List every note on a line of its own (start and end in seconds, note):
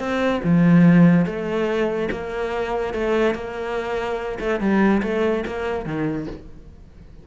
0.00 0.42 C4
0.45 1.26 F3
1.26 2.09 A3
2.11 2.94 A#3
2.94 3.35 A3
3.35 4.39 A#3
4.40 4.61 A3
4.61 5.02 G3
5.03 5.45 A3
5.47 5.86 A#3
5.86 6.28 D#3